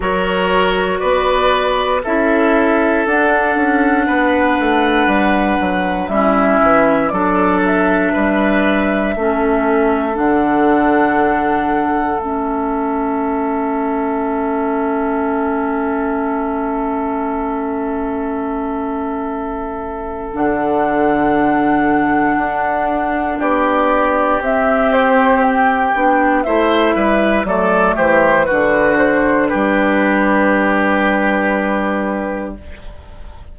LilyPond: <<
  \new Staff \with { instrumentName = "flute" } { \time 4/4 \tempo 4 = 59 cis''4 d''4 e''4 fis''4~ | fis''2 e''4 d''8 e''8~ | e''2 fis''2 | e''1~ |
e''1 | fis''2. d''4 | e''8 c''8 g''4 e''4 d''8 c''8 | b'8 c''8 b'2. | }
  \new Staff \with { instrumentName = "oboe" } { \time 4/4 ais'4 b'4 a'2 | b'2 e'4 a'4 | b'4 a'2.~ | a'1~ |
a'1~ | a'2. g'4~ | g'2 c''8 b'8 a'8 g'8 | fis'4 g'2. | }
  \new Staff \with { instrumentName = "clarinet" } { \time 4/4 fis'2 e'4 d'4~ | d'2 cis'4 d'4~ | d'4 cis'4 d'2 | cis'1~ |
cis'1 | d'1 | c'4. d'8 e'4 a4 | d'1 | }
  \new Staff \with { instrumentName = "bassoon" } { \time 4/4 fis4 b4 cis'4 d'8 cis'8 | b8 a8 g8 fis8 g8 e8 fis4 | g4 a4 d2 | a1~ |
a1 | d2 d'4 b4 | c'4. b8 a8 g8 fis8 e8 | d4 g2. | }
>>